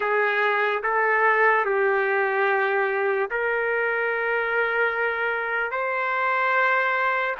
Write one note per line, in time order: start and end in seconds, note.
0.00 0.82 G#4
0.83 1.65 A4
1.65 3.29 G4
3.30 5.71 A#4
5.71 7.35 C5